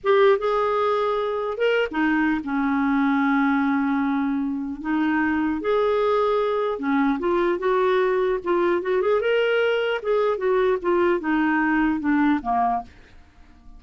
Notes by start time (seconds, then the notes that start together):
0.03 G4
0.38 G#4
1.57 A#4
1.91 D#4
2.43 C#4
4.81 D#4
5.61 G#4
6.78 C#4
7.19 F4
7.59 F#4
8.44 F4
8.81 F#4
9.01 G#4
9.21 A#4
10.02 G#4
10.37 F#4
10.82 F4
11.20 D#4
12.00 D4
12.42 A#3